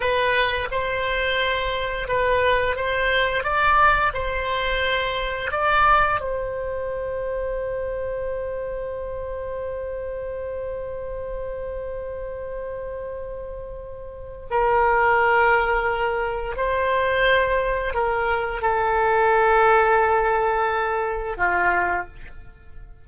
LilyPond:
\new Staff \with { instrumentName = "oboe" } { \time 4/4 \tempo 4 = 87 b'4 c''2 b'4 | c''4 d''4 c''2 | d''4 c''2.~ | c''1~ |
c''1~ | c''4 ais'2. | c''2 ais'4 a'4~ | a'2. f'4 | }